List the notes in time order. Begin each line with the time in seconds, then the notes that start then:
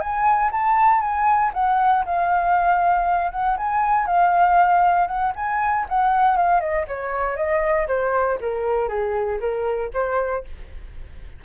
0.00 G#5
0.52 A5
1.01 G#5
1.54 F#5
2.06 F5
3.32 F#5
3.58 G#5
4.07 F5
5.07 F#5
5.36 G#5
5.89 F#5
6.37 F5
6.61 D#5
6.88 C#5
7.37 D#5
7.88 C5
8.41 A#4
8.89 G#4
9.40 A#4
9.94 C5